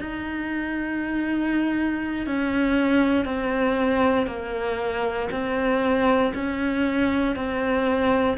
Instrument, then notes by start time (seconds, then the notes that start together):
cello
0.00 D#4
2.27 C#4
3.25 C4
4.27 A#3
5.31 C4
6.34 C#4
7.35 C4